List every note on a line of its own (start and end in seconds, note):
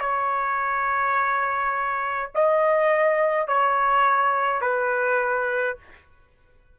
0.00 2.31 C#5
2.35 3.48 D#5
3.48 4.62 C#5
4.62 5.77 B4